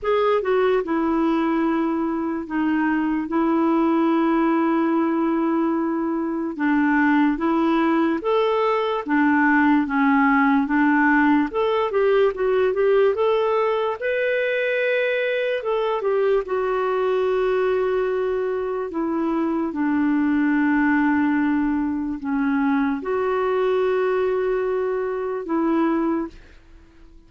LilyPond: \new Staff \with { instrumentName = "clarinet" } { \time 4/4 \tempo 4 = 73 gis'8 fis'8 e'2 dis'4 | e'1 | d'4 e'4 a'4 d'4 | cis'4 d'4 a'8 g'8 fis'8 g'8 |
a'4 b'2 a'8 g'8 | fis'2. e'4 | d'2. cis'4 | fis'2. e'4 | }